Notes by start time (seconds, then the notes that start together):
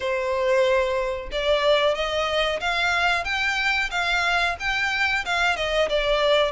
0.00 C5
1.31 D5
1.94 D#5
2.60 F5
3.24 G5
3.90 F5
4.59 G5
5.25 F5
5.56 D#5
5.89 D5